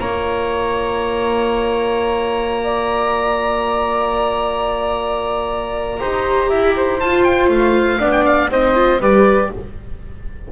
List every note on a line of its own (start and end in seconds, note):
0.00 6.00 A#3
0.00 6.00 F4
0.00 2.63 C#5
0.00 7.00 A#5
2.63 6.00 D5
6.00 6.51 D#4
6.00 7.00 G4
6.00 6.49 C5
6.49 7.01 E4
6.49 6.74 E5
6.76 8.00 C5
7.00 7.48 F4
7.00 8.00 F4
7.00 7.23 A5
7.23 7.48 G5
7.48 7.98 A3
7.48 8.11 F5
8.00 8.49 B3
8.00 8.50 D4
8.00 8.50 D5
8.11 8.24 G5
8.25 8.50 F5
8.49 8.99 C4
8.49 8.74 D#4
8.49 9.00 C5
8.49 9.02 D#5
8.74 8.99 F4
9.00 9.50 G3
9.00 9.52 G4
9.00 9.50 B4
9.00 9.52 D5